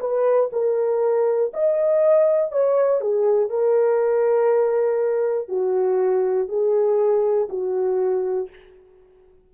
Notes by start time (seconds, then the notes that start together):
0.00 B4
0.52 A#4
1.53 D#5
2.51 C#5
3.00 G#4
3.50 A#4
5.48 F#4
6.48 G#4
7.49 F#4